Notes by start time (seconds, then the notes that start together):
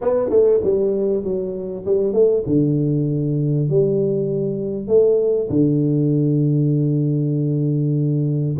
0.01 B3
0.29 A3
0.63 G3
1.23 F#3
1.85 G3
2.13 A3
2.46 D3
3.69 G3
4.87 A3
5.49 D3